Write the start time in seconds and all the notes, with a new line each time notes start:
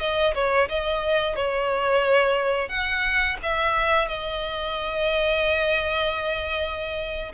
0.00 D#5
0.34 C#5
0.69 D#5
1.36 C#5
2.69 F#5
3.43 E5
4.08 D#5